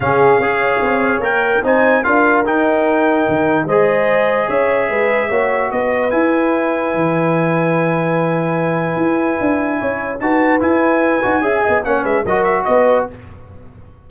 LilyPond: <<
  \new Staff \with { instrumentName = "trumpet" } { \time 4/4 \tempo 4 = 147 f''2. g''4 | gis''4 f''4 g''2~ | g''4 dis''2 e''4~ | e''2 dis''4 gis''4~ |
gis''1~ | gis''1~ | gis''4 a''4 gis''2~ | gis''4 fis''8 e''8 dis''8 e''8 dis''4 | }
  \new Staff \with { instrumentName = "horn" } { \time 4/4 gis'4 cis''2. | c''4 ais'2.~ | ais'4 c''2 cis''4 | b'4 cis''4 b'2~ |
b'1~ | b'1 | cis''4 b'2. | e''8 dis''8 cis''8 b'8 ais'4 b'4 | }
  \new Staff \with { instrumentName = "trombone" } { \time 4/4 cis'4 gis'2 ais'4 | dis'4 f'4 dis'2~ | dis'4 gis'2.~ | gis'4 fis'2 e'4~ |
e'1~ | e'1~ | e'4 fis'4 e'4. fis'8 | gis'4 cis'4 fis'2 | }
  \new Staff \with { instrumentName = "tuba" } { \time 4/4 cis4 cis'4 c'4 ais4 | c'4 d'4 dis'2 | dis4 gis2 cis'4 | gis4 ais4 b4 e'4~ |
e'4 e2.~ | e2 e'4 d'4 | cis'4 dis'4 e'4. dis'8 | cis'8 b8 ais8 gis8 fis4 b4 | }
>>